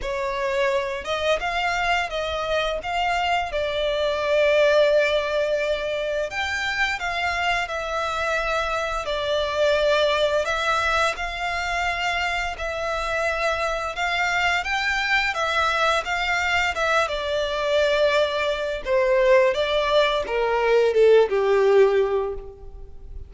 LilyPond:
\new Staff \with { instrumentName = "violin" } { \time 4/4 \tempo 4 = 86 cis''4. dis''8 f''4 dis''4 | f''4 d''2.~ | d''4 g''4 f''4 e''4~ | e''4 d''2 e''4 |
f''2 e''2 | f''4 g''4 e''4 f''4 | e''8 d''2~ d''8 c''4 | d''4 ais'4 a'8 g'4. | }